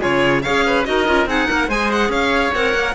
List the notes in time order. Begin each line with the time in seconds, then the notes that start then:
0.00 C#3 F4 G#4 C#5
0.42 C#4 G#4 C#5 F5
0.66 B4
0.85 D#4 F#4 A#4 D#5
1.06 C#4 F4
1.26 C4 D#4 G#4 F#5
1.49 A#3 A#4
1.68 G#3 G#4 C5 G#5
1.92 F#5
2.09 C#4 C#5 F5
2.54 C4 A#4 F#5
2.75 A#3